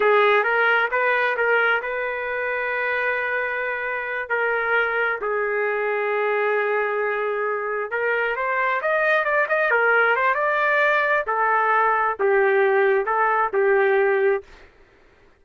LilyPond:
\new Staff \with { instrumentName = "trumpet" } { \time 4/4 \tempo 4 = 133 gis'4 ais'4 b'4 ais'4 | b'1~ | b'4. ais'2 gis'8~ | gis'1~ |
gis'4. ais'4 c''4 dis''8~ | dis''8 d''8 dis''8 ais'4 c''8 d''4~ | d''4 a'2 g'4~ | g'4 a'4 g'2 | }